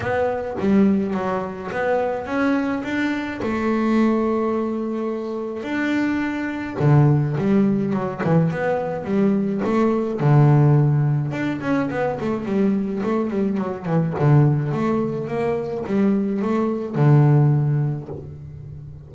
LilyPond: \new Staff \with { instrumentName = "double bass" } { \time 4/4 \tempo 4 = 106 b4 g4 fis4 b4 | cis'4 d'4 a2~ | a2 d'2 | d4 g4 fis8 e8 b4 |
g4 a4 d2 | d'8 cis'8 b8 a8 g4 a8 g8 | fis8 e8 d4 a4 ais4 | g4 a4 d2 | }